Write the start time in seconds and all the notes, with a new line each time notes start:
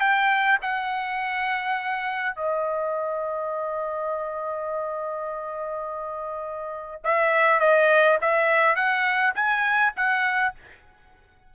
0.00 G5
0.62 F#5
2.36 D#5
7.04 E5
7.60 D#5
8.21 E5
8.75 F#5
9.35 G#5
9.96 F#5